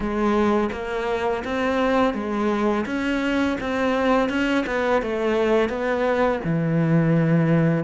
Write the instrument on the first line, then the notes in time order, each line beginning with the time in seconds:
cello
0.00 G#3
0.71 A#3
1.44 C4
2.14 G#3
2.86 C#4
3.60 C4
4.29 C#4
4.66 B3
5.02 A3
5.69 B3
6.44 E3